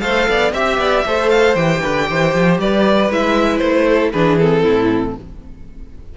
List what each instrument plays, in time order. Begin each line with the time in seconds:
0.00 cello A3, viola A4, violin C5 F5
0.28 cello B3, violin D5
0.53 cello C4, viola G4, violin E5
0.78 cello B3, violin D5
1.06 cello A3, viola A4, violin C5
1.29 violin F5
1.55 cello E3, viola G4, violin G5
1.81 cello D3, violin B4
2.10 cello E3, violin C5
2.34 cello F3
2.58 cello G3, violin B4 D5
3.10 cello G#3, viola E4, violin E5
3.58 cello A3, violin C5
3.88 violin A4
4.12 cello E3, viola D4, violin G#4 B4
4.39 viola C4, violin A4
4.63 cello A2, violin E4